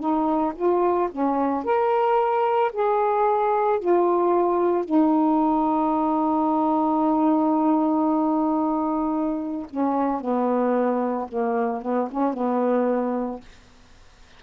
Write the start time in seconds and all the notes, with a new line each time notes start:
0.00 D#4
0.56 F4
1.12 C#4
1.65 A#4
2.73 G#4
3.80 F4
4.85 D#4
9.70 C#4
10.21 B3
11.28 A#3
11.82 B3
12.11 C#4
12.34 B3